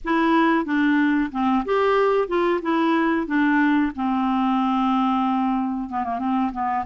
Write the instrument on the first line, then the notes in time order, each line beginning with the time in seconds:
clarinet
0.04 E4
0.65 D4
1.31 C4
1.65 G4
2.27 F4
2.61 E4
3.26 D4
3.95 C4
5.89 B3
6.04 A#3
6.18 C4
6.52 B3